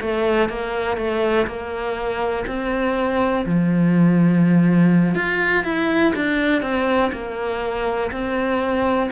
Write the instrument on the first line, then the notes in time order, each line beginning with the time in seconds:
cello
0.00 A3
0.49 A#3
0.97 A3
1.47 A#3
2.46 C4
3.45 F3
5.15 F4
5.63 E4
6.15 D4
6.62 C4
7.12 A#3
8.11 C4